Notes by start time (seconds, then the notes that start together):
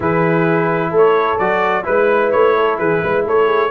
0.00 E3 E4 G#4 B4
0.90 A3 A4
0.96 C#5
1.38 F#3 F#4 D5
1.83 G#3 E4 B4
2.31 A3 C#5
2.55 A4
2.78 E3 G#4 B4
3.01 G#3 B4
3.25 A3 A4 C#5
3.45 G#4